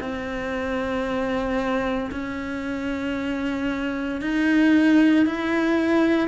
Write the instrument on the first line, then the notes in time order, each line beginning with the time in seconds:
cello
0.00 C4
2.11 C#4
4.22 D#4
5.26 E4